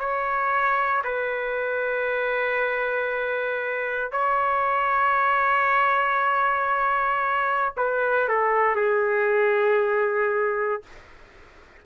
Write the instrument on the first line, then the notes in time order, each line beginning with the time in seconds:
trumpet
0.00 C#5
1.04 B4
4.12 C#5
7.78 B4
8.29 A4
8.76 G#4